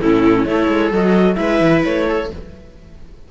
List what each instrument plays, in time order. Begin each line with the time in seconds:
0.00 cello A2, viola C#4 E4, clarinet A4
0.45 cello A3, viola E4 A4, clarinet C#5
0.68 cello G#3
0.91 cello F#3, viola F#4, clarinet D#5
1.35 cello G#3, viola E4 B4, clarinet E5
1.61 cello E3
1.85 cello A3, clarinet C#5
2.08 viola A4